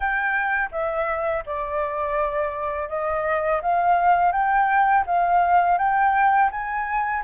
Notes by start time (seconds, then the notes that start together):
0.00 G5
0.71 E5
1.46 D5
2.88 D#5
3.62 F5
4.32 G5
5.06 F5
5.77 G5
6.51 G#5